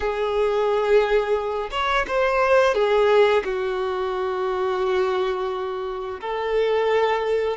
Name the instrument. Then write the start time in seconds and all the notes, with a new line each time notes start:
violin
0.00 G#4
1.71 C#5
2.07 C5
2.74 G#4
3.44 F#4
6.20 A4